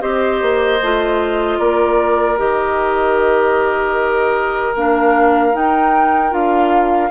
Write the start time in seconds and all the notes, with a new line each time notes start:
0.00 C4 G4 C5 D#5
0.41 A#3
0.81 A3 F4
1.58 A#3 A#4 D5
2.37 D#3 G4 D#5
4.75 A#3 D4 F5
5.52 D#4 G5
6.30 D4 F4 F5